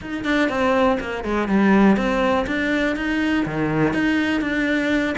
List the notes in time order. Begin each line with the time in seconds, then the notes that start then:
0.01 D#4
0.24 D4
0.49 C4
1.00 A#3
1.24 G#3
1.48 G3
1.96 C4
2.46 D4
2.96 D#4
3.45 D#3
3.93 D#4
4.41 D4